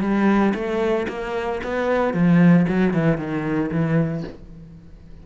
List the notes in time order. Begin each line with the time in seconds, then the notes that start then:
0.00 G3
0.54 A3
1.08 A#3
1.63 B3
2.13 F3
2.68 F#3
2.93 E3
3.17 D#3
3.71 E3